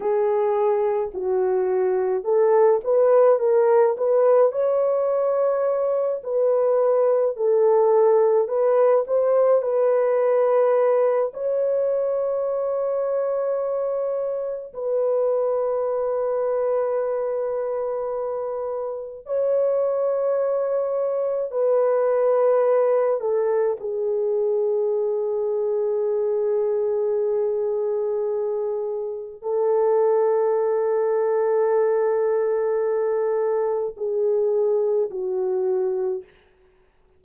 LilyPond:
\new Staff \with { instrumentName = "horn" } { \time 4/4 \tempo 4 = 53 gis'4 fis'4 a'8 b'8 ais'8 b'8 | cis''4. b'4 a'4 b'8 | c''8 b'4. cis''2~ | cis''4 b'2.~ |
b'4 cis''2 b'4~ | b'8 a'8 gis'2.~ | gis'2 a'2~ | a'2 gis'4 fis'4 | }